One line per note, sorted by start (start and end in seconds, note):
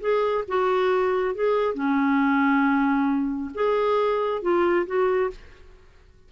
0.00 0.44 G#4
0.48 1.34 F#4
1.34 1.74 G#4
1.74 3.50 C#4
3.54 4.42 G#4
4.42 4.86 F4
4.86 5.30 F#4